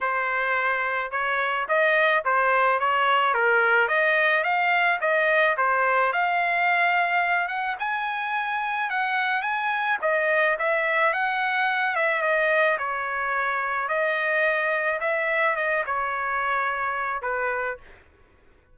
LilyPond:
\new Staff \with { instrumentName = "trumpet" } { \time 4/4 \tempo 4 = 108 c''2 cis''4 dis''4 | c''4 cis''4 ais'4 dis''4 | f''4 dis''4 c''4 f''4~ | f''4. fis''8 gis''2 |
fis''4 gis''4 dis''4 e''4 | fis''4. e''8 dis''4 cis''4~ | cis''4 dis''2 e''4 | dis''8 cis''2~ cis''8 b'4 | }